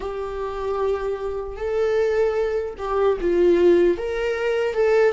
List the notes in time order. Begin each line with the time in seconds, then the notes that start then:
0.00 G4
1.56 A4
2.78 G4
3.20 F4
3.97 A#4
4.73 A4